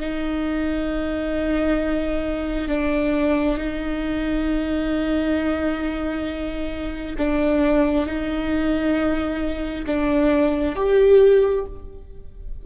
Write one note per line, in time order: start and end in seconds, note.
0.00 2.68 D#4
2.68 3.57 D4
3.57 7.16 D#4
7.18 8.06 D4
8.06 9.85 D#4
9.87 10.75 D4
10.75 11.65 G4